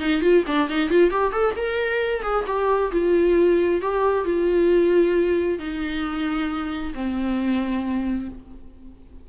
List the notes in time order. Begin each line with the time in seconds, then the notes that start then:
0.00 D#4
0.22 F4
0.47 D4
0.70 D#4
0.90 F4
1.11 G4
1.32 A4
1.57 A#4
2.23 G#4
2.47 G4
2.92 F4
3.82 G4
4.25 F4
5.59 D#4
6.94 C4